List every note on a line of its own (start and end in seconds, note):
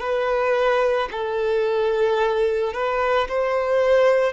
0.00 1.09 B4
1.12 2.74 A4
2.74 3.28 B4
3.29 4.33 C5